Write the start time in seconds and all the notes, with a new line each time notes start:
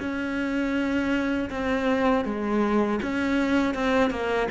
0.00 C#4
1.50 C4
2.25 G#3
3.02 C#4
3.75 C4
4.10 A#3